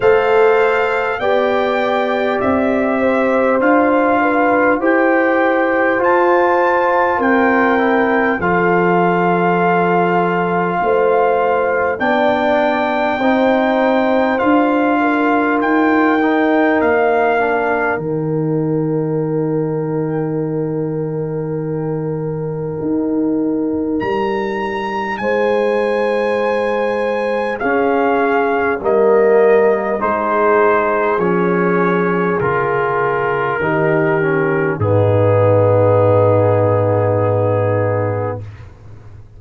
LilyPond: <<
  \new Staff \with { instrumentName = "trumpet" } { \time 4/4 \tempo 4 = 50 f''4 g''4 e''4 f''4 | g''4 a''4 g''4 f''4~ | f''2 g''2 | f''4 g''4 f''4 g''4~ |
g''1 | ais''4 gis''2 f''4 | dis''4 c''4 cis''4 ais'4~ | ais'4 gis'2. | }
  \new Staff \with { instrumentName = "horn" } { \time 4/4 c''4 d''4. c''4 b'8 | c''2 ais'4 a'4~ | a'4 c''4 d''4 c''4~ | c''8 ais'2.~ ais'8~ |
ais'1~ | ais'4 c''2 gis'4 | ais'4 gis'2. | g'4 dis'2. | }
  \new Staff \with { instrumentName = "trombone" } { \time 4/4 a'4 g'2 f'4 | g'4 f'4. e'8 f'4~ | f'2 d'4 dis'4 | f'4. dis'4 d'8 dis'4~ |
dis'1~ | dis'2. cis'4 | ais4 dis'4 cis'4 f'4 | dis'8 cis'8 b2. | }
  \new Staff \with { instrumentName = "tuba" } { \time 4/4 a4 b4 c'4 d'4 | e'4 f'4 c'4 f4~ | f4 a4 b4 c'4 | d'4 dis'4 ais4 dis4~ |
dis2. dis'4 | g4 gis2 cis'4 | g4 gis4 f4 cis4 | dis4 gis,2. | }
>>